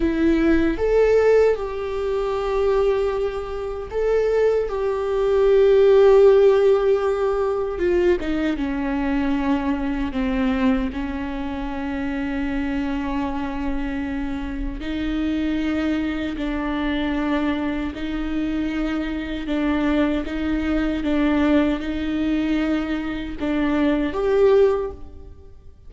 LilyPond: \new Staff \with { instrumentName = "viola" } { \time 4/4 \tempo 4 = 77 e'4 a'4 g'2~ | g'4 a'4 g'2~ | g'2 f'8 dis'8 cis'4~ | cis'4 c'4 cis'2~ |
cis'2. dis'4~ | dis'4 d'2 dis'4~ | dis'4 d'4 dis'4 d'4 | dis'2 d'4 g'4 | }